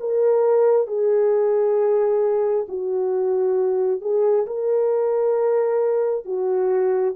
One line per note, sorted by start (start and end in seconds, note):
0.00 0.87 A#4
0.87 2.66 G#4
2.68 4.01 F#4
4.01 4.46 G#4
4.46 6.25 A#4
6.25 7.14 F#4